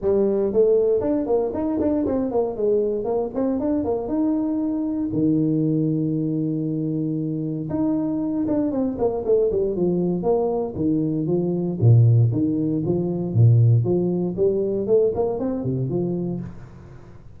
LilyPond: \new Staff \with { instrumentName = "tuba" } { \time 4/4 \tempo 4 = 117 g4 a4 d'8 ais8 dis'8 d'8 | c'8 ais8 gis4 ais8 c'8 d'8 ais8 | dis'2 dis2~ | dis2. dis'4~ |
dis'8 d'8 c'8 ais8 a8 g8 f4 | ais4 dis4 f4 ais,4 | dis4 f4 ais,4 f4 | g4 a8 ais8 c'8 c8 f4 | }